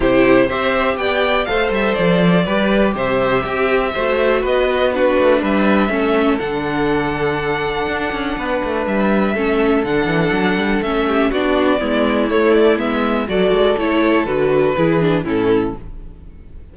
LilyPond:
<<
  \new Staff \with { instrumentName = "violin" } { \time 4/4 \tempo 4 = 122 c''4 e''4 g''4 f''8 e''8 | d''2 e''2~ | e''4 dis''4 b'4 e''4~ | e''4 fis''2.~ |
fis''2 e''2 | fis''2 e''4 d''4~ | d''4 cis''8 d''8 e''4 d''4 | cis''4 b'2 a'4 | }
  \new Staff \with { instrumentName = "violin" } { \time 4/4 g'4 c''4 d''4 c''4~ | c''4 b'4 c''4 g'4 | c''4 b'4 fis'4 b'4 | a'1~ |
a'4 b'2 a'4~ | a'2~ a'8 g'8 fis'4 | e'2. a'4~ | a'2 gis'4 e'4 | }
  \new Staff \with { instrumentName = "viola" } { \time 4/4 e'4 g'2 a'4~ | a'4 g'2. | fis'2 d'2 | cis'4 d'2.~ |
d'2. cis'4 | d'2 cis'4 d'4 | b4 a4 b4 fis'4 | e'4 fis'4 e'8 d'8 cis'4 | }
  \new Staff \with { instrumentName = "cello" } { \time 4/4 c4 c'4 b4 a8 g8 | f4 g4 c4 c'4 | a4 b4. a8 g4 | a4 d2. |
d'8 cis'8 b8 a8 g4 a4 | d8 e8 fis8 g8 a4 b4 | gis4 a4 gis4 fis8 gis8 | a4 d4 e4 a,4 | }
>>